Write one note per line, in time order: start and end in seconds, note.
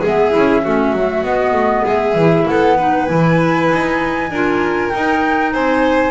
0.00 0.34 G#3
0.00 0.30 B3
0.00 0.61 G#4
0.00 1.24 E5
0.30 0.61 E4
0.37 0.65 C#4
0.64 0.93 A3
0.64 0.96 C#4
0.64 1.84 F#4
0.93 1.23 F#3
0.93 1.24 A3
1.23 1.52 B3
1.23 2.16 B3
1.23 1.86 D#5
1.52 1.83 A3
1.84 2.15 G#3
1.84 2.46 G#4
1.84 2.48 E5
2.15 2.45 E3
2.15 2.78 E4
2.48 3.10 B3
2.48 2.77 A4
2.48 3.06 F#5
2.77 3.07 D#4
2.77 4.30 B4
3.06 3.71 E3
3.06 4.30 E4
3.06 4.89 G#5
3.72 4.30 D#4
4.30 4.92 D4
4.30 4.93 F4
4.30 5.52 A#4
4.89 5.54 D#4
4.89 6.10 D#4
4.89 5.50 G5
5.52 6.10 C4
5.52 6.10 C5
5.52 6.10 G#5